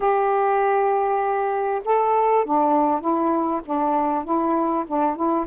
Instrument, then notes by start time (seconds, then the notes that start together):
saxophone
0.00 G4
1.84 A4
2.45 D4
3.00 E4
3.65 D4
4.24 E4
4.87 D4
5.15 E4